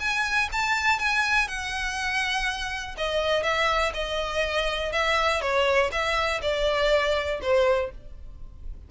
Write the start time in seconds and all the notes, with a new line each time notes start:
0.00 G#5
0.53 A5
0.99 G#5
1.48 F#5
2.98 D#5
3.43 E5
3.94 D#5
4.92 E5
5.41 C#5
5.92 E5
6.42 D5
7.42 C5